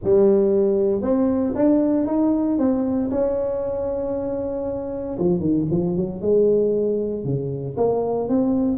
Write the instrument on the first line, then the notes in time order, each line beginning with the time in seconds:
tuba
0.03 G3
1.01 C4
1.55 D4
2.06 D#4
2.58 C4
3.10 C#4
5.18 F3
5.39 D#3
5.70 F3
5.96 F#3
6.21 G#3
7.24 C#3
7.77 A#3
8.28 C4